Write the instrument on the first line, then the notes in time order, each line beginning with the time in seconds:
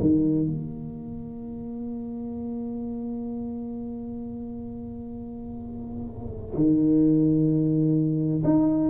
tuba
0.00 D#3
0.46 A#3
6.56 D#3
8.45 D#4